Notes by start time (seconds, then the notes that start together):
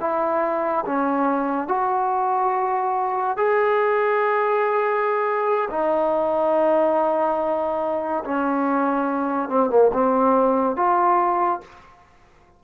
0.00 E4
0.86 C#4
1.68 F#4
3.37 G#4
5.70 D#4
8.25 C#4
9.49 C4
9.70 A#3
9.93 C4
10.76 F4